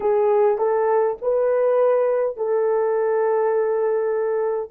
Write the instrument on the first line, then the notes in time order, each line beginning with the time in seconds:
horn
0.00 G#4
0.58 A4
1.21 B4
2.36 A4